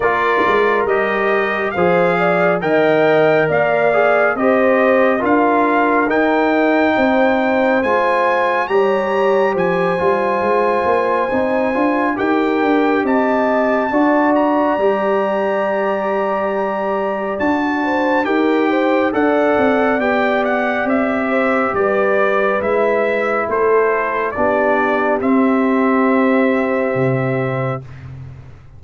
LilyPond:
<<
  \new Staff \with { instrumentName = "trumpet" } { \time 4/4 \tempo 4 = 69 d''4 dis''4 f''4 g''4 | f''4 dis''4 f''4 g''4~ | g''4 gis''4 ais''4 gis''4~ | gis''2 g''4 a''4~ |
a''8 ais''2.~ ais''8 | a''4 g''4 fis''4 g''8 fis''8 | e''4 d''4 e''4 c''4 | d''4 e''2. | }
  \new Staff \with { instrumentName = "horn" } { \time 4/4 ais'2 c''8 d''8 dis''4 | d''4 c''4 ais'2 | c''2 cis''4 c''4~ | c''2 ais'4 dis''4 |
d''1~ | d''8 c''8 ais'8 c''8 d''2~ | d''8 c''8 b'2 a'4 | g'1 | }
  \new Staff \with { instrumentName = "trombone" } { \time 4/4 f'4 g'4 gis'4 ais'4~ | ais'8 gis'8 g'4 f'4 dis'4~ | dis'4 f'4 g'4. f'8~ | f'4 dis'8 f'8 g'2 |
fis'4 g'2. | fis'4 g'4 a'4 g'4~ | g'2 e'2 | d'4 c'2. | }
  \new Staff \with { instrumentName = "tuba" } { \time 4/4 ais8 gis8 g4 f4 dis4 | ais4 c'4 d'4 dis'4 | c'4 gis4 g4 f8 g8 | gis8 ais8 c'8 d'8 dis'8 d'8 c'4 |
d'4 g2. | d'4 dis'4 d'8 c'8 b4 | c'4 g4 gis4 a4 | b4 c'2 c4 | }
>>